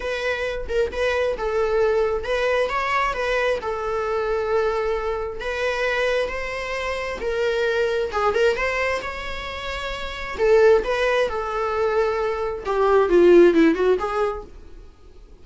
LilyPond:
\new Staff \with { instrumentName = "viola" } { \time 4/4 \tempo 4 = 133 b'4. ais'8 b'4 a'4~ | a'4 b'4 cis''4 b'4 | a'1 | b'2 c''2 |
ais'2 gis'8 ais'8 c''4 | cis''2. a'4 | b'4 a'2. | g'4 f'4 e'8 fis'8 gis'4 | }